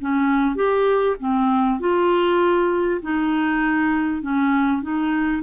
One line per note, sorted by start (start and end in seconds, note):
0.00 0.55 C#4
0.55 1.16 G4
1.19 1.80 C4
1.80 3.01 F4
3.02 4.21 D#4
4.21 4.82 C#4
4.82 5.42 D#4